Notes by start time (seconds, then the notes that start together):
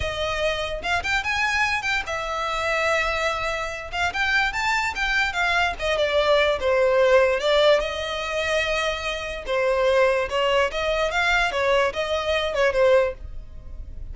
0.00 D#5
0.82 F5
1.03 G5
1.23 G#5
1.82 G5
2.06 E5
3.92 F5
4.13 G5
4.52 A5
4.95 G5
5.32 F5
5.79 D#5
5.97 D5
6.60 C5
7.40 D5
7.80 D#5
9.46 C5
10.29 C#5
10.71 D#5
11.11 F5
11.51 C#5
11.93 D#5
12.54 C#5
12.72 C5